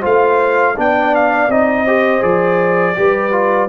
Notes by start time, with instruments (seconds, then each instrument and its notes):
0.00 tuba A3, trombone F4, horn C5, trumpet F5
0.77 tuba B3, trombone D4, horn D5, trumpet G5
1.15 trumpet F5
1.49 tuba C4, trombone D#4, trumpet D#5
1.85 trombone G4, horn C5
2.21 tuba F3, trombone G#4, trumpet D5
2.96 tuba G3, trombone G4, horn B4
3.32 trombone F4